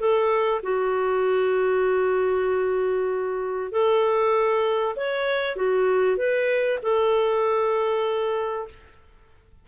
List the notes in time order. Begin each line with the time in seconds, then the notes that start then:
0.00 A4
0.63 F#4
3.72 A4
4.97 C#5
5.57 F#4
6.17 B4
6.83 A4